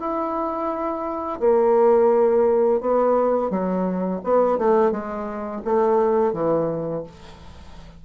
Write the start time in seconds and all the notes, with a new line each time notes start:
0.00 E4
1.40 A#3
2.81 B3
3.50 F#3
4.24 B3
4.59 A3
4.91 G#3
5.65 A3
6.33 E3